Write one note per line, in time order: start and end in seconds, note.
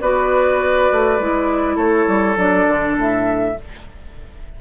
0.00 0.89 B3
0.00 1.20 F#4
0.00 1.76 B4
0.00 1.77 D5
0.91 1.19 A3
1.19 1.76 G#3
1.19 2.36 E4
1.76 2.06 A3
1.76 3.54 A4
1.76 2.37 C#5
2.07 2.36 G3
2.36 2.66 F#3
2.36 3.55 D4
2.36 2.97 D5
2.68 2.97 D3
2.97 3.56 A2
2.97 3.60 E5